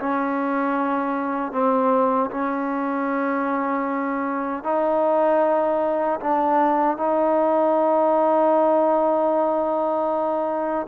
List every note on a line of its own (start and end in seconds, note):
0.00 1.52 C#4
1.52 2.30 C4
2.31 4.64 C#4
4.64 6.20 D#4
6.21 6.98 D4
6.98 10.87 D#4